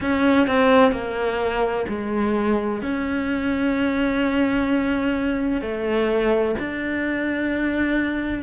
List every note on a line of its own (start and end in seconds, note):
0.00 0.47 C#4
0.47 0.92 C4
0.92 1.85 A#3
1.88 2.81 G#3
2.81 5.61 C#4
5.61 6.55 A3
6.59 8.42 D4